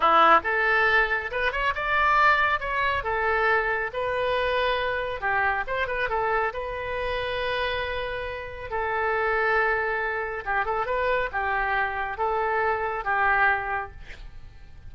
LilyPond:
\new Staff \with { instrumentName = "oboe" } { \time 4/4 \tempo 4 = 138 e'4 a'2 b'8 cis''8 | d''2 cis''4 a'4~ | a'4 b'2. | g'4 c''8 b'8 a'4 b'4~ |
b'1 | a'1 | g'8 a'8 b'4 g'2 | a'2 g'2 | }